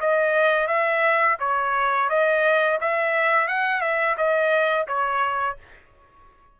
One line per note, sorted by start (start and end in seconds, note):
0.00 0.68 D#5
0.68 1.37 E5
1.39 2.09 C#5
2.09 2.79 D#5
2.80 3.48 E5
3.48 3.81 F#5
3.81 4.16 E5
4.17 4.87 D#5
4.87 5.57 C#5